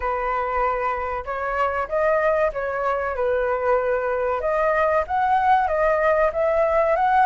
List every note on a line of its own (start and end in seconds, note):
0.00 1.24 B4
1.25 1.88 C#5
1.88 2.51 D#5
2.52 3.16 C#5
3.16 4.40 B4
4.40 5.04 D#5
5.07 5.67 F#5
5.67 6.30 D#5
6.32 6.96 E5
6.96 7.25 F#5